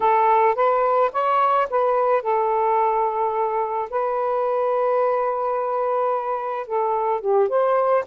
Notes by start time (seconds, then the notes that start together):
0.00 A4
0.55 B4
1.12 C#5
1.69 B4
2.22 A4
3.89 B4
6.66 A4
7.20 G4
7.48 C5